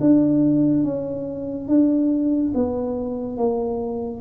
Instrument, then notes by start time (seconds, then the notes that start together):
tuba
0.00 D4
0.83 C#4
1.67 D4
2.54 B3
3.37 A#3